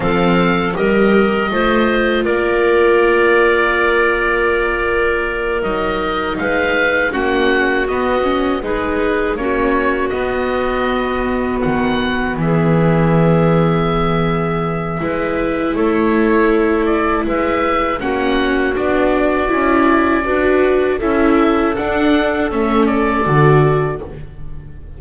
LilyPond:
<<
  \new Staff \with { instrumentName = "oboe" } { \time 4/4 \tempo 4 = 80 f''4 dis''2 d''4~ | d''2.~ d''8 dis''8~ | dis''8 f''4 fis''4 dis''4 b'8~ | b'8 cis''4 dis''2 fis''8~ |
fis''8 e''2.~ e''8~ | e''4 cis''4. d''8 e''4 | fis''4 d''2. | e''4 fis''4 e''8 d''4. | }
  \new Staff \with { instrumentName = "clarinet" } { \time 4/4 a'4 ais'4 c''4 ais'4~ | ais'1~ | ais'8 b'4 fis'2 gis'8~ | gis'8 fis'2.~ fis'8~ |
fis'8 gis'2.~ gis'8 | b'4 a'2 b'4 | fis'2. b'4 | a'1 | }
  \new Staff \with { instrumentName = "viola" } { \time 4/4 c'4 g'4 f'2~ | f'2.~ f'8 dis'8~ | dis'4. cis'4 b8 cis'8 dis'8~ | dis'8 cis'4 b2~ b8~ |
b1 | e'1 | cis'4 d'4 e'4 fis'4 | e'4 d'4 cis'4 fis'4 | }
  \new Staff \with { instrumentName = "double bass" } { \time 4/4 f4 g4 a4 ais4~ | ais2.~ ais8 fis8~ | fis8 gis4 ais4 b4 gis8~ | gis8 ais4 b2 dis8~ |
dis8 e2.~ e8 | gis4 a2 gis4 | ais4 b4 cis'4 d'4 | cis'4 d'4 a4 d4 | }
>>